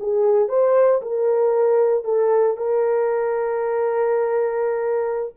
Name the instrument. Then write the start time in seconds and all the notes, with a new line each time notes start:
horn
0.00 G#4
0.49 C5
1.02 A#4
2.05 A4
2.57 A#4